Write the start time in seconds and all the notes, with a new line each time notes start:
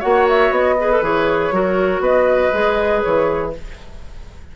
0.00 A#3 F#4 C#5 F#5
0.29 E5
0.50 B3 D#5
0.80 G#4 B4
0.92 A4
1.02 E3 G#4 C#5
1.52 F#3 F#4 A#4
2.00 B3 B4 D#5
2.53 G#3 G#4
3.02 E3 C#5